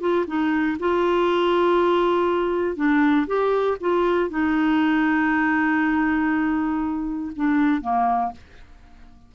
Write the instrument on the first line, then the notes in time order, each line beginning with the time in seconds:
clarinet
0.00 F4
0.27 D#4
0.80 F4
2.76 D4
3.27 G4
3.80 F4
4.30 D#4
7.36 D4
7.81 A#3